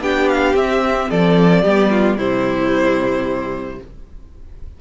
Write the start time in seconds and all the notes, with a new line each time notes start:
0.00 B3 D4 G4 G5
0.29 F5
0.54 C4 E5
1.09 F3 A4 D5
1.62 G3 B3 G4
1.91 F4
2.16 C3 G3 E4 C5